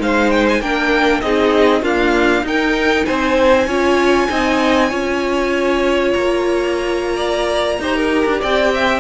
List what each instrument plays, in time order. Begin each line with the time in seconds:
0.00 cello G#3, viola D#4, violin C5 F5
0.31 violin G5
0.48 violin G#5
0.61 cello A#3, viola D4, violin A#4 G5
1.21 cello C4, viola D#4, violin G#4 D#5
1.82 viola A#3, cello D4, violin F4 F5
2.43 cello D#4, viola D#4, violin A#4 G5
3.05 cello C4, violin C5 G#5
3.67 cello C#4, viola F4, violin C#5
4.28 cello C4, viola D#4, violin D#5
4.90 cello C#4, viola F4, violin C#5
6.13 cello A#3, violin A#5
7.16 violin D5
7.79 cello D#4, viola G4, violin C5
7.96 violin A#4
8.25 cello D4
8.41 cello C4, violin D5 G5
8.74 violin E5